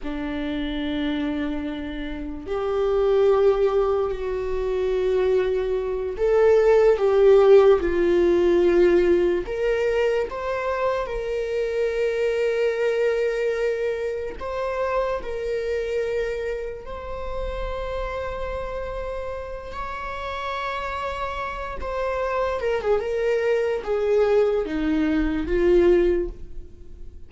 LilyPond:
\new Staff \with { instrumentName = "viola" } { \time 4/4 \tempo 4 = 73 d'2. g'4~ | g'4 fis'2~ fis'8 a'8~ | a'8 g'4 f'2 ais'8~ | ais'8 c''4 ais'2~ ais'8~ |
ais'4. c''4 ais'4.~ | ais'8 c''2.~ c''8 | cis''2~ cis''8 c''4 ais'16 gis'16 | ais'4 gis'4 dis'4 f'4 | }